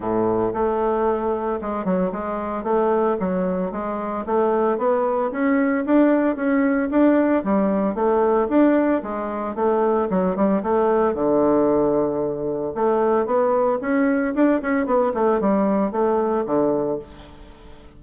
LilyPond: \new Staff \with { instrumentName = "bassoon" } { \time 4/4 \tempo 4 = 113 a,4 a2 gis8 fis8 | gis4 a4 fis4 gis4 | a4 b4 cis'4 d'4 | cis'4 d'4 g4 a4 |
d'4 gis4 a4 fis8 g8 | a4 d2. | a4 b4 cis'4 d'8 cis'8 | b8 a8 g4 a4 d4 | }